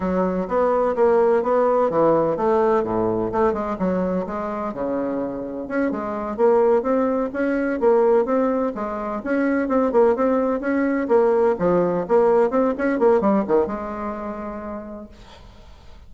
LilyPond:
\new Staff \with { instrumentName = "bassoon" } { \time 4/4 \tempo 4 = 127 fis4 b4 ais4 b4 | e4 a4 a,4 a8 gis8 | fis4 gis4 cis2 | cis'8 gis4 ais4 c'4 cis'8~ |
cis'8 ais4 c'4 gis4 cis'8~ | cis'8 c'8 ais8 c'4 cis'4 ais8~ | ais8 f4 ais4 c'8 cis'8 ais8 | g8 dis8 gis2. | }